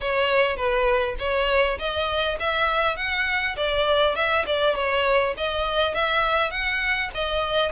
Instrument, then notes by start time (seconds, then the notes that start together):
violin
0.00 C#5
0.56 B4
1.19 C#5
1.78 D#5
2.39 E5
2.96 F#5
3.56 D5
4.15 E5
4.46 D5
4.75 C#5
5.37 D#5
5.94 E5
6.50 F#5
7.14 D#5